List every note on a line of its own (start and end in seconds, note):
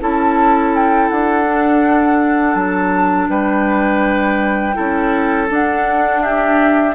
0.00 1.11 C#4
0.00 1.46 E4
0.00 3.30 A4
0.00 0.76 A5
0.76 1.09 G5
1.09 2.55 D4
1.09 2.55 F#5
1.46 4.74 D4
2.55 3.28 F#3
2.55 3.29 A5
3.29 4.75 G3
3.29 4.75 B4
3.29 5.49 G5
4.74 5.50 C#4
4.74 5.47 E4
4.74 6.22 A4
5.50 6.95 D4
5.50 6.22 F#5
6.22 6.95 G4
6.22 6.95 E5